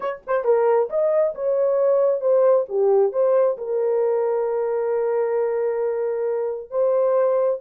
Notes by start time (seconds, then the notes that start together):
0.00 C#5
0.26 C5
0.44 A#4
0.89 D#5
1.34 C#5
2.20 C5
2.68 G4
3.12 C5
3.57 A#4
6.70 C5